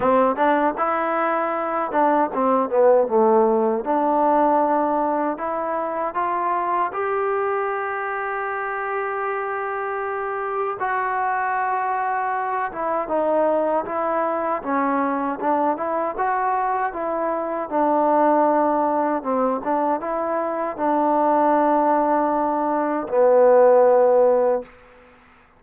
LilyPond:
\new Staff \with { instrumentName = "trombone" } { \time 4/4 \tempo 4 = 78 c'8 d'8 e'4. d'8 c'8 b8 | a4 d'2 e'4 | f'4 g'2.~ | g'2 fis'2~ |
fis'8 e'8 dis'4 e'4 cis'4 | d'8 e'8 fis'4 e'4 d'4~ | d'4 c'8 d'8 e'4 d'4~ | d'2 b2 | }